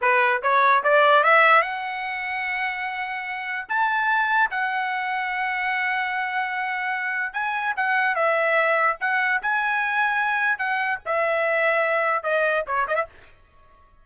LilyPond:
\new Staff \with { instrumentName = "trumpet" } { \time 4/4 \tempo 4 = 147 b'4 cis''4 d''4 e''4 | fis''1~ | fis''4 a''2 fis''4~ | fis''1~ |
fis''2 gis''4 fis''4 | e''2 fis''4 gis''4~ | gis''2 fis''4 e''4~ | e''2 dis''4 cis''8 dis''16 e''16 | }